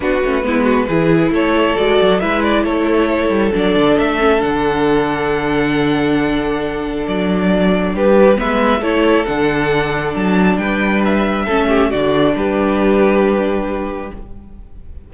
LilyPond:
<<
  \new Staff \with { instrumentName = "violin" } { \time 4/4 \tempo 4 = 136 b'2. cis''4 | d''4 e''8 d''8 cis''2 | d''4 e''4 fis''2~ | fis''1 |
d''2 b'4 e''4 | cis''4 fis''2 a''4 | g''4 e''2 d''4 | b'1 | }
  \new Staff \with { instrumentName = "violin" } { \time 4/4 fis'4 e'8 fis'8 gis'4 a'4~ | a'4 b'4 a'2~ | a'1~ | a'1~ |
a'2 g'4 b'4 | a'1 | b'2 a'8 g'8 fis'4 | g'1 | }
  \new Staff \with { instrumentName = "viola" } { \time 4/4 d'8 cis'8 b4 e'2 | fis'4 e'2. | d'4. cis'8 d'2~ | d'1~ |
d'2. b4 | e'4 d'2.~ | d'2 cis'4 d'4~ | d'1 | }
  \new Staff \with { instrumentName = "cello" } { \time 4/4 b8 a8 gis4 e4 a4 | gis8 fis8 gis4 a4. g8 | fis8 d8 a4 d2~ | d1 |
fis2 g4 gis4 | a4 d2 fis4 | g2 a4 d4 | g1 | }
>>